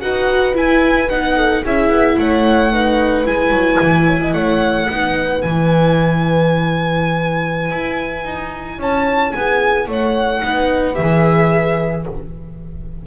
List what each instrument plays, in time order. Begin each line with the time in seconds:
0.00 double bass D#4, viola F#4, horn B4, violin F#5
0.54 viola E4, double bass E4, violin G#5
1.09 double bass B3, viola D#4, violin F#5
1.36 horn A4
1.64 double bass C#4, viola E4, horn G#4, violin E5
1.89 double bass B3
2.17 double bass A3, horn C#5, violin F#5
2.72 viola D#4, horn B4
3.25 double bass G#3, viola E4, violin G#5
3.50 double bass F#3
3.81 double bass E3
4.06 horn C#5
4.21 horn D#5
4.33 double bass A3, horn C#5, violin F#5
4.89 double bass B3, viola D#4, horn B4
5.42 double bass E3, viola E4, violin G#5
7.70 double bass E4
8.24 double bass D#4
8.78 double bass C#4, horn C#5, violin A5
9.33 double bass B3, horn G#4, violin G#5
9.87 double bass A3, horn C#5, violin F#5
10.42 double bass B3, viola D#4, horn B4
10.94 double bass E3, viola G#4, violin E5